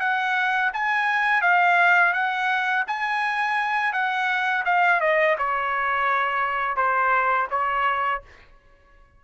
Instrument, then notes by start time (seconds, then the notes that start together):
trumpet
0.00 F#5
0.73 G#5
1.42 F5
2.13 F#5
2.87 G#5
3.93 F#5
4.65 F5
5.01 D#5
5.38 C#5
6.76 C5
7.50 C#5